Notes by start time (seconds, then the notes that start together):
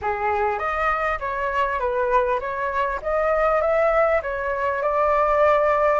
0.01 G#4
0.58 D#5
1.19 C#5
1.79 B4
2.39 C#5
3.02 D#5
3.61 E5
4.22 C#5
4.82 D5